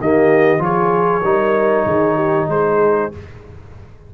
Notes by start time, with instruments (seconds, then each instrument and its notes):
0.00 tuba D#3, trombone A#3, horn G4, trumpet D#5
0.58 tuba F3, trombone F4, horn G#4, trumpet C#5
1.23 tuba G3, trombone D#4, horn A#4
1.86 tuba D#3, horn G#4
2.15 horn G4
2.48 tuba G#3, horn G#4, trumpet C5